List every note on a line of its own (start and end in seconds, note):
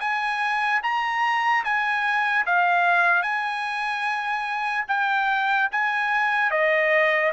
0.00 0.81 G#5
0.83 1.64 A#5
1.64 2.45 G#5
2.46 3.22 F5
3.22 4.85 G#5
4.88 5.69 G5
5.72 6.51 G#5
6.51 7.32 D#5